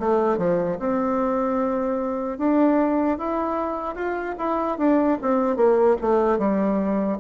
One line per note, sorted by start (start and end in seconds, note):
0.00 0.38 A3
0.38 0.78 F3
0.80 2.39 C4
2.39 3.19 D4
3.19 3.96 E4
3.96 4.36 F4
4.39 4.79 E4
4.79 5.19 D4
5.22 5.57 C4
5.57 5.97 A#3
6.02 6.39 A3
6.39 7.19 G3